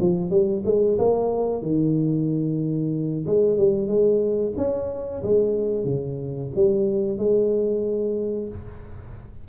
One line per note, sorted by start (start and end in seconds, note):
0.00 0.31 F3
0.31 0.63 G3
0.66 0.98 G#3
0.98 1.62 A#3
1.62 3.25 D#3
3.27 3.58 G#3
3.58 3.88 G3
3.88 4.53 G#3
4.57 5.23 C#4
5.23 5.85 G#3
5.85 6.50 C#3
6.55 7.18 G3
7.18 8.48 G#3